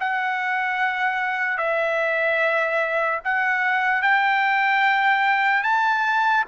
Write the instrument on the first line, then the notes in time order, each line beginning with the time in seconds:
trumpet
0.00 F#5
1.57 E5
3.25 F#5
4.02 G5
5.64 A5